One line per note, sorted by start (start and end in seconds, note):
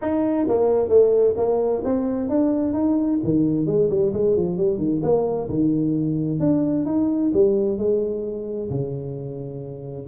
0.01 0.47 D#4
0.47 0.88 A#3
0.88 1.34 A3
1.36 1.82 A#3
1.84 2.29 C4
2.29 2.73 D4
2.73 3.19 D#4
3.24 3.66 D#3
3.66 3.89 G#3
3.89 4.12 G3
4.13 4.36 G#3
4.36 4.57 F3
4.57 4.77 G3
4.77 5.00 D#3
5.03 5.48 A#3
5.49 6.39 D#3
6.39 6.85 D4
6.85 7.31 D#4
7.33 7.78 G3
7.78 8.69 G#3
8.70 10.07 C#3